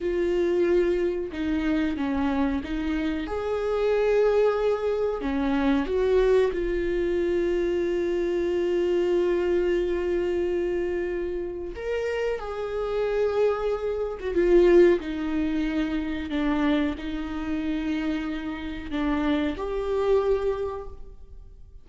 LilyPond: \new Staff \with { instrumentName = "viola" } { \time 4/4 \tempo 4 = 92 f'2 dis'4 cis'4 | dis'4 gis'2. | cis'4 fis'4 f'2~ | f'1~ |
f'2 ais'4 gis'4~ | gis'4.~ gis'16 fis'16 f'4 dis'4~ | dis'4 d'4 dis'2~ | dis'4 d'4 g'2 | }